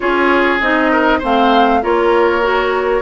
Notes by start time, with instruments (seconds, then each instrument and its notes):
0.00 bassoon C#4, clarinet F4, oboe G#4, flute C#5
0.60 bassoon C4, clarinet D#4, flute D#5
0.91 oboe A#4
1.19 bassoon A3, clarinet C4, oboe C5, flute F5
1.82 bassoon A#3, clarinet F4, oboe A#4, flute C#5
2.42 clarinet F#4